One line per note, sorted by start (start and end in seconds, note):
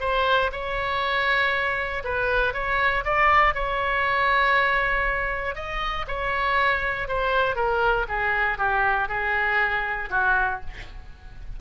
0.00 0.50 C5
0.52 2.03 C#5
2.04 2.53 B4
2.53 3.04 C#5
3.05 3.55 D5
3.55 5.55 C#5
5.55 6.05 D#5
6.08 7.08 C#5
7.08 7.56 C5
7.56 8.06 A#4
8.09 8.58 G#4
8.58 9.08 G4
9.08 10.09 G#4
10.10 10.60 F#4